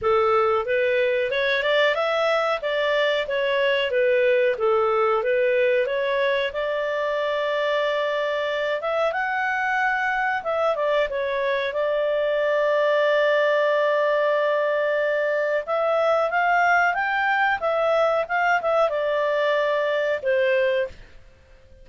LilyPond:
\new Staff \with { instrumentName = "clarinet" } { \time 4/4 \tempo 4 = 92 a'4 b'4 cis''8 d''8 e''4 | d''4 cis''4 b'4 a'4 | b'4 cis''4 d''2~ | d''4. e''8 fis''2 |
e''8 d''8 cis''4 d''2~ | d''1 | e''4 f''4 g''4 e''4 | f''8 e''8 d''2 c''4 | }